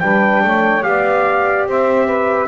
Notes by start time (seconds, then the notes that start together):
0.00 G3 D4 B4 G5
0.44 A3 C#5
0.82 B3 G4 D5 F5
1.67 C4 C5 E5
2.06 B4